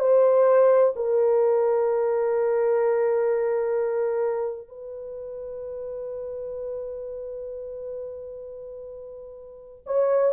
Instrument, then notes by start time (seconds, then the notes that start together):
horn
0.00 C5
0.96 A#4
4.68 B4
9.87 C#5